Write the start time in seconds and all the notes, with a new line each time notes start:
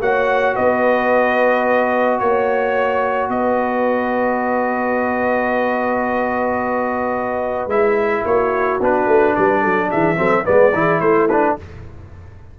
0.00 A#3 F#4 C#5 F#5
0.55 B3 B4 D#5
2.19 A#3 C#5
3.29 B3 B4 D#5
7.67 G#3 E4 E5
8.25 A#3 F#4 C#5
8.80 B3 D4 B4
9.07 A3
9.35 G3 B4 D5
9.61 F#3 A4
9.89 E3 G#4 E5
10.16 F#3 C4 A4
10.44 G#3 B3 B4 D5
10.73 E3 E4 G#4
11.00 A3 E4 C5
11.29 D4 B4